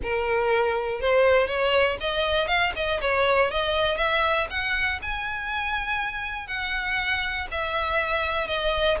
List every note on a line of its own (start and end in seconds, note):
0.02 1.00 A#4
1.00 1.47 C5
1.47 1.97 C#5
2.00 2.47 D#5
2.47 2.72 F5
2.75 3.00 D#5
3.01 3.50 C#5
3.50 3.97 D#5
3.97 4.47 E5
4.50 5.00 F#5
5.02 6.47 G#5
6.47 7.47 F#5
7.51 8.47 E5
8.47 8.97 D#5